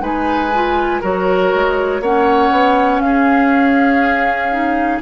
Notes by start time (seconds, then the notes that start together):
0.00 G#3 D#4 B4 G#5
0.55 F4
1.01 F#3 F#4 A#4 C#5
1.55 G#3
2.01 A#3 C#4 C#5 F#5
2.51 B3
3.00 C#4 F5
3.06 G#4
4.52 D#4